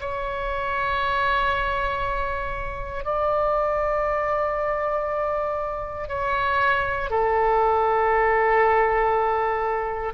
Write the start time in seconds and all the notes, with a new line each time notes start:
0.00 C#5
3.05 D5
6.08 C#5
7.10 A4